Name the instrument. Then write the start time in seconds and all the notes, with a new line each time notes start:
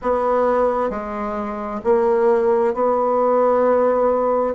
bassoon
0.02 B3
0.90 G#3
1.84 A#3
2.74 B3